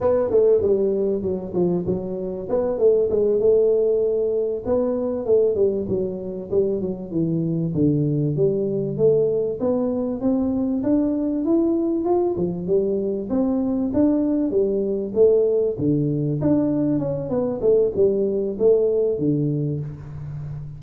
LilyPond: \new Staff \with { instrumentName = "tuba" } { \time 4/4 \tempo 4 = 97 b8 a8 g4 fis8 f8 fis4 | b8 a8 gis8 a2 b8~ | b8 a8 g8 fis4 g8 fis8 e8~ | e8 d4 g4 a4 b8~ |
b8 c'4 d'4 e'4 f'8 | f8 g4 c'4 d'4 g8~ | g8 a4 d4 d'4 cis'8 | b8 a8 g4 a4 d4 | }